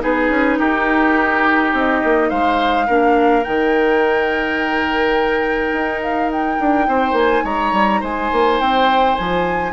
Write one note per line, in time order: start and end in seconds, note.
0.00 0.30 B3
0.00 2.86 D#4
0.00 0.59 G#4
0.00 0.59 B4
0.30 0.58 C#4
0.59 1.73 D#4
0.59 2.30 G4
0.59 1.73 A#4
1.74 2.02 C4
1.74 2.30 D#5
2.04 2.31 A#3
2.30 2.89 G#3
2.30 2.87 C5
2.30 3.44 F5
2.87 3.46 A#3
2.87 3.43 D4
2.87 6.87 A#4
3.43 5.73 D#3
3.43 9.72 D#4
3.43 6.01 G5
5.73 6.58 D#4
6.02 6.31 F5
6.32 7.17 G5
6.60 6.88 D4
6.88 7.13 C4
6.88 7.44 C5
7.13 7.41 A#3
7.13 7.45 G#5
7.44 7.73 G#3
7.44 8.01 C#5
7.44 8.03 A#5
7.73 8.01 G3
8.01 8.31 G#3
8.01 9.72 C5
8.01 8.61 G#5
8.32 8.60 A#3
8.60 9.17 C4
8.60 9.16 G5
9.16 9.73 F3
9.16 9.73 G#5